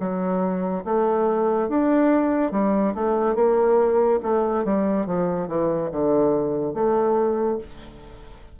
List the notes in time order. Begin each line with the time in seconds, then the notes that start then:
0.00 F#3
0.85 A3
1.69 D4
2.52 G3
2.95 A3
3.35 A#3
4.23 A3
4.65 G3
5.06 F3
5.48 E3
5.92 D3
6.74 A3